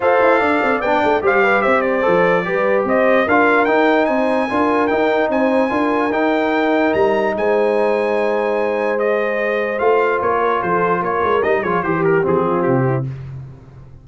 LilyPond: <<
  \new Staff \with { instrumentName = "trumpet" } { \time 4/4 \tempo 4 = 147 f''2 g''4 f''4 | e''8 d''2~ d''8 dis''4 | f''4 g''4 gis''2 | g''4 gis''2 g''4~ |
g''4 ais''4 gis''2~ | gis''2 dis''2 | f''4 cis''4 c''4 cis''4 | dis''8 cis''8 c''8 ais'8 gis'4 g'4 | }
  \new Staff \with { instrumentName = "horn" } { \time 4/4 c''4 d''2 c''8 b'8 | c''2 b'4 c''4 | ais'2 c''4 ais'4~ | ais'4 c''4 ais'2~ |
ais'2 c''2~ | c''1~ | c''4. ais'8 a'4 ais'4~ | ais'8 gis'8 g'4. f'4 e'8 | }
  \new Staff \with { instrumentName = "trombone" } { \time 4/4 a'2 d'4 g'4~ | g'4 a'4 g'2 | f'4 dis'2 f'4 | dis'2 f'4 dis'4~ |
dis'1~ | dis'2 gis'2 | f'1 | dis'8 f'8 g'4 c'2 | }
  \new Staff \with { instrumentName = "tuba" } { \time 4/4 f'8 e'8 d'8 c'8 b8 a8 g4 | c'4 f4 g4 c'4 | d'4 dis'4 c'4 d'4 | dis'4 c'4 d'4 dis'4~ |
dis'4 g4 gis2~ | gis1 | a4 ais4 f4 ais8 gis8 | g8 f8 e4 f4 c4 | }
>>